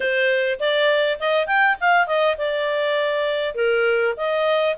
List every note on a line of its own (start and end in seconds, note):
0.00 0.59 C5
0.59 1.19 D5
1.19 1.46 D#5
1.46 1.76 G5
1.80 2.06 F5
2.06 2.36 D#5
2.37 3.55 D5
3.55 4.14 A#4
4.16 4.76 D#5